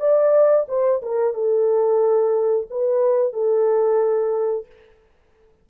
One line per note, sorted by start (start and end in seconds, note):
0.00 0.67 D5
0.68 1.02 C5
1.02 1.34 A#4
1.34 2.67 A4
2.71 3.33 B4
3.33 4.66 A4